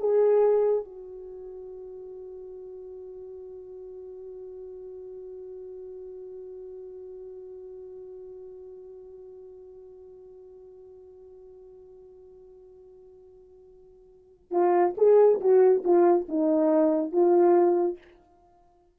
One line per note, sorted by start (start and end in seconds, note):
0.00 0.85 G#4
0.85 14.51 F#4
14.51 14.94 F4
14.98 15.41 G#4
15.41 15.84 F#4
15.84 16.27 F4
16.29 17.12 D#4
17.12 17.98 F4